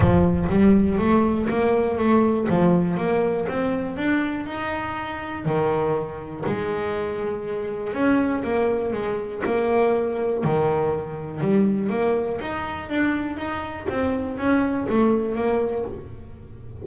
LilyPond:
\new Staff \with { instrumentName = "double bass" } { \time 4/4 \tempo 4 = 121 f4 g4 a4 ais4 | a4 f4 ais4 c'4 | d'4 dis'2 dis4~ | dis4 gis2. |
cis'4 ais4 gis4 ais4~ | ais4 dis2 g4 | ais4 dis'4 d'4 dis'4 | c'4 cis'4 a4 ais4 | }